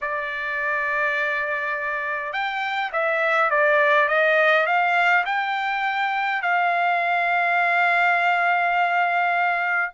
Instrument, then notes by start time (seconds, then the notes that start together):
trumpet
0.01 D5
2.32 G5
2.92 E5
3.50 D5
4.08 D#5
4.66 F5
5.25 G5
6.42 F5